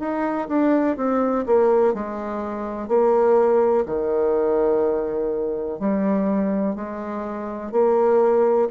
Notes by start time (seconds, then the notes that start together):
0.00 D#4
0.49 D4
0.97 C4
1.47 A#3
1.94 G#3
2.89 A#3
3.87 D#3
5.80 G3
6.76 G#3
7.72 A#3